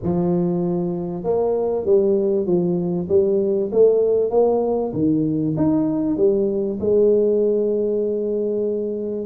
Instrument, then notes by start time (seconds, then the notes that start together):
tuba
0.02 F3
1.23 A#3
1.85 G3
2.46 F3
3.08 G3
3.71 A3
4.30 A#3
4.93 D#3
5.57 D#4
6.17 G3
6.80 G#3